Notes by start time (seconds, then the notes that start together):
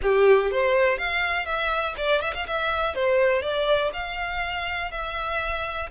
0.02 G4
0.51 C5
0.97 F5
1.45 E5
1.97 D5
2.21 E5
2.34 F5
2.46 E5
2.95 C5
3.42 D5
3.93 F5
4.91 E5